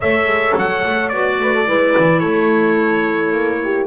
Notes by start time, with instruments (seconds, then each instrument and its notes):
0.00 double bass A3, clarinet A4, horn C#5, trumpet E5
0.25 double bass G#3
0.56 double bass F#3, trumpet F#5
0.85 double bass A3
1.08 double bass B3, clarinet F#4, trumpet D5
1.39 double bass A3, horn B4
1.55 horn A4
1.66 double bass G#3, clarinet E4, horn B4
1.98 double bass E3
2.19 double bass A3, horn A4, trumpet C#5
3.31 double bass A#3
3.63 horn G4